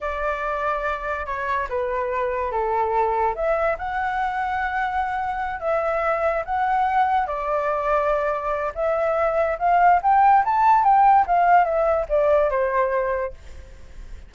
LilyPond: \new Staff \with { instrumentName = "flute" } { \time 4/4 \tempo 4 = 144 d''2. cis''4 | b'2 a'2 | e''4 fis''2.~ | fis''4. e''2 fis''8~ |
fis''4. d''2~ d''8~ | d''4 e''2 f''4 | g''4 a''4 g''4 f''4 | e''4 d''4 c''2 | }